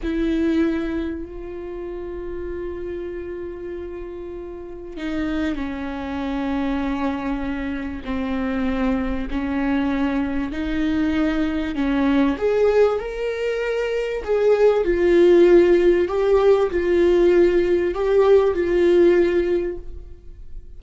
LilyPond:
\new Staff \with { instrumentName = "viola" } { \time 4/4 \tempo 4 = 97 e'2 f'2~ | f'1 | dis'4 cis'2.~ | cis'4 c'2 cis'4~ |
cis'4 dis'2 cis'4 | gis'4 ais'2 gis'4 | f'2 g'4 f'4~ | f'4 g'4 f'2 | }